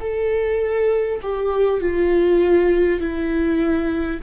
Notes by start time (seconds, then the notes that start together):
0.00 A4
1.22 G4
1.81 F4
3.01 E4